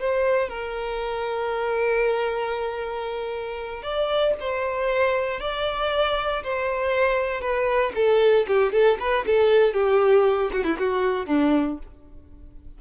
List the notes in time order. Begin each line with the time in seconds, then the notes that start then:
0.00 C5
0.49 A#4
3.83 D5
4.40 C5
5.41 D5
6.44 C5
7.41 B4
7.95 A4
8.48 G4
8.72 A4
9.00 B4
9.27 A4
9.74 G4
10.53 F#4
10.64 E4
10.79 F#4
11.27 D4